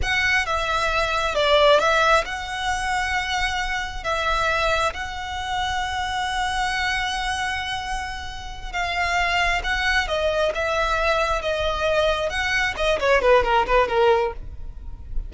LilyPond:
\new Staff \with { instrumentName = "violin" } { \time 4/4 \tempo 4 = 134 fis''4 e''2 d''4 | e''4 fis''2.~ | fis''4 e''2 fis''4~ | fis''1~ |
fis''2.~ fis''8 f''8~ | f''4. fis''4 dis''4 e''8~ | e''4. dis''2 fis''8~ | fis''8 dis''8 cis''8 b'8 ais'8 b'8 ais'4 | }